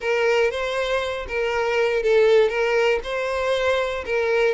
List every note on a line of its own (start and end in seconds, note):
0.00 0.50 A#4
0.50 1.26 C5
1.27 2.02 A#4
2.02 2.49 A4
2.49 2.99 A#4
3.03 4.04 C5
4.05 4.54 A#4